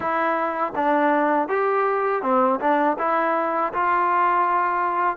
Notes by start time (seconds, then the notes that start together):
0.00 E4
0.75 D4
1.48 G4
2.22 C4
2.60 D4
2.98 E4
3.73 F4